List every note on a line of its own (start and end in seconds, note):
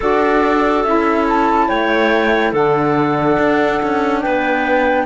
0.00 0.84 D4
0.00 0.86 F#4
0.00 1.67 A4
0.00 0.82 D5
0.82 1.69 C#4
0.82 2.54 E4
0.82 1.24 E5
1.29 1.68 A5
1.68 2.52 A3
1.68 2.51 C#5
1.68 2.53 G5
2.51 3.37 D3
2.51 5.06 D4
2.51 4.20 A4
2.51 4.21 F#5
3.39 3.81 D4
3.82 4.24 C#4
4.21 5.06 B3
4.21 5.06 B4
4.21 5.05 G5